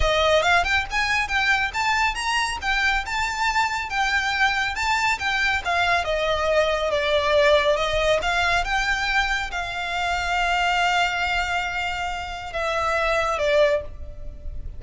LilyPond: \new Staff \with { instrumentName = "violin" } { \time 4/4 \tempo 4 = 139 dis''4 f''8 g''8 gis''4 g''4 | a''4 ais''4 g''4 a''4~ | a''4 g''2 a''4 | g''4 f''4 dis''2 |
d''2 dis''4 f''4 | g''2 f''2~ | f''1~ | f''4 e''2 d''4 | }